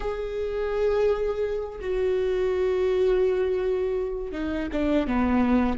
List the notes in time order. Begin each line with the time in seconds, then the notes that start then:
0.00 G#4
1.80 F#4
4.32 D#4
4.72 D4
5.07 B3